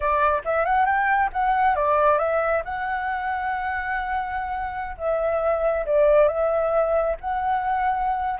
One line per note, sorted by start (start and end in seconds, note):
0.00 0.42 D5
0.44 0.65 E5
0.65 0.85 F#5
0.85 1.29 G5
1.32 1.75 F#5
1.75 2.18 D5
2.18 2.62 E5
2.65 4.96 F#5
4.97 5.85 E5
5.86 6.28 D5
6.28 7.16 E5
7.20 8.40 F#5